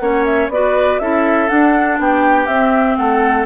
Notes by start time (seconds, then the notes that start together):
0.00 A#3 C#4 C#5 F#5
0.25 E5
0.49 B3 F#4 B4 D5
0.99 C#4 E4 A4 E5
1.48 D4 F#5
1.99 B3 G4 G5
2.47 C4 E5
2.96 A3 A4 F#5